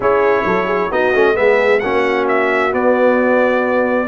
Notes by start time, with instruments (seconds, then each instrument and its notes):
0.00 tuba C#4, trombone E4, horn G#4, trumpet C#5
0.44 tuba F#3, horn A4
0.66 horn G#4
0.90 tuba B3, trombone D#4, horn F#4, trumpet D#5
1.14 tuba A3, trombone C#4
1.34 tuba G#3, trombone B3, horn G#4, trumpet E5
1.79 tuba A#3, trombone C#4, horn F#4, trumpet F#5
2.28 trumpet E5
2.71 trombone B3, tuba B3, trumpet D5